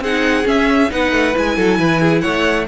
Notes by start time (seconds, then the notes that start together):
0.00 C4 D#4 G#4 F#5
0.43 C#4 E5
0.90 B3 D#4 B4 F#5
1.11 A3
1.33 G#3 E4 G#5
1.56 F#3 A4
1.78 E3 B4
2.01 G#4
2.20 A3 C#5 F#5